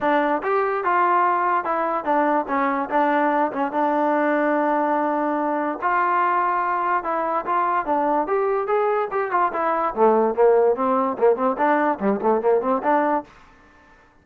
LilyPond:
\new Staff \with { instrumentName = "trombone" } { \time 4/4 \tempo 4 = 145 d'4 g'4 f'2 | e'4 d'4 cis'4 d'4~ | d'8 cis'8 d'2.~ | d'2 f'2~ |
f'4 e'4 f'4 d'4 | g'4 gis'4 g'8 f'8 e'4 | a4 ais4 c'4 ais8 c'8 | d'4 g8 a8 ais8 c'8 d'4 | }